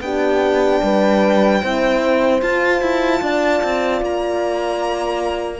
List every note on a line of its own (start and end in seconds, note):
0.00 0.80 B3
0.00 1.61 D4
0.00 0.82 G4
0.00 2.41 G5
0.82 1.62 G3
0.82 1.61 B4
1.61 2.41 C4
1.61 2.41 E4
1.61 3.21 C5
2.41 2.81 F4
2.41 5.60 F4
2.41 4.02 A5
2.81 3.21 E4
3.21 3.61 D4
3.21 5.60 D5
3.63 4.01 C4
4.01 5.60 A#3
4.01 5.60 A#5